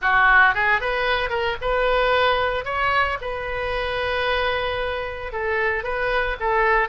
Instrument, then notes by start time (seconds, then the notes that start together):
oboe
0.01 F#4
0.54 G#4
0.80 B4
1.29 A#4
1.61 B4
2.65 C#5
3.21 B4
5.32 A4
5.83 B4
6.40 A4